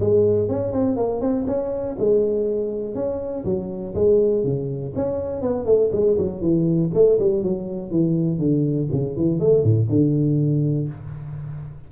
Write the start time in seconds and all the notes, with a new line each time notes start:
0.00 G#3
0.49 C#4
0.72 C4
0.96 A#3
1.21 C4
1.47 C#4
1.99 G#3
2.95 C#4
3.45 F#3
3.95 G#3
4.44 C#3
4.96 C#4
5.41 B3
5.66 A3
5.92 G#3
6.18 F#3
6.41 E3
6.94 A3
7.19 G3
7.43 F#3
7.90 E3
8.39 D3
8.92 C#3
9.16 E3
9.40 A3
9.63 A2
9.89 D3